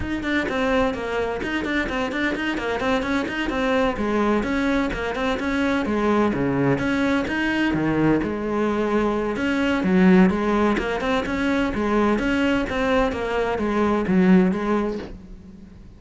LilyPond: \new Staff \with { instrumentName = "cello" } { \time 4/4 \tempo 4 = 128 dis'8 d'8 c'4 ais4 dis'8 d'8 | c'8 d'8 dis'8 ais8 c'8 cis'8 dis'8 c'8~ | c'8 gis4 cis'4 ais8 c'8 cis'8~ | cis'8 gis4 cis4 cis'4 dis'8~ |
dis'8 dis4 gis2~ gis8 | cis'4 fis4 gis4 ais8 c'8 | cis'4 gis4 cis'4 c'4 | ais4 gis4 fis4 gis4 | }